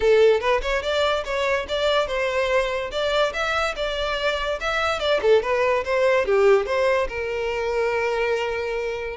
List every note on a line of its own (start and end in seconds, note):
0.00 0.40 A4
0.40 0.61 B4
0.61 0.82 C#5
0.82 1.24 D5
1.24 1.66 C#5
1.68 2.07 D5
2.07 2.90 C5
2.91 3.32 D5
3.33 3.74 E5
3.75 4.59 D5
4.60 4.99 E5
4.99 5.20 D5
5.22 5.42 A4
5.42 5.84 B4
5.84 6.25 C5
6.25 6.66 G4
6.66 7.07 C5
7.08 9.16 A#4